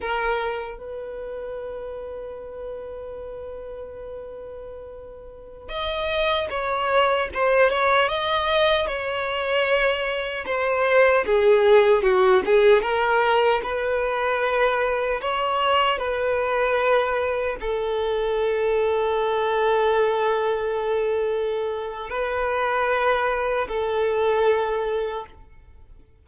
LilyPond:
\new Staff \with { instrumentName = "violin" } { \time 4/4 \tempo 4 = 76 ais'4 b'2.~ | b'2.~ b'16 dis''8.~ | dis''16 cis''4 c''8 cis''8 dis''4 cis''8.~ | cis''4~ cis''16 c''4 gis'4 fis'8 gis'16~ |
gis'16 ais'4 b'2 cis''8.~ | cis''16 b'2 a'4.~ a'16~ | a'1 | b'2 a'2 | }